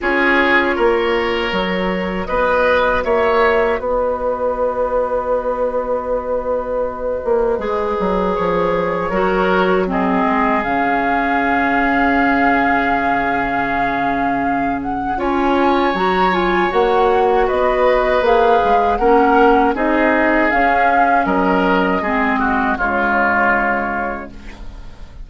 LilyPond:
<<
  \new Staff \with { instrumentName = "flute" } { \time 4/4 \tempo 4 = 79 cis''2. dis''4 | e''4 dis''2.~ | dis''2. cis''4~ | cis''4 dis''4 f''2~ |
f''2.~ f''8 fis''8 | gis''4 ais''8 gis''8 fis''4 dis''4 | f''4 fis''4 dis''4 f''4 | dis''2 cis''2 | }
  \new Staff \with { instrumentName = "oboe" } { \time 4/4 gis'4 ais'2 b'4 | cis''4 b'2.~ | b'1 | ais'4 gis'2.~ |
gis'1 | cis''2. b'4~ | b'4 ais'4 gis'2 | ais'4 gis'8 fis'8 f'2 | }
  \new Staff \with { instrumentName = "clarinet" } { \time 4/4 f'2 fis'2~ | fis'1~ | fis'2 gis'2 | fis'4 c'4 cis'2~ |
cis'1 | f'4 fis'8 f'8 fis'2 | gis'4 cis'4 dis'4 cis'4~ | cis'4 c'4 gis2 | }
  \new Staff \with { instrumentName = "bassoon" } { \time 4/4 cis'4 ais4 fis4 b4 | ais4 b2.~ | b4. ais8 gis8 fis8 f4 | fis4. gis8 cis2~ |
cis1 | cis'4 fis4 ais4 b4 | ais8 gis8 ais4 c'4 cis'4 | fis4 gis4 cis2 | }
>>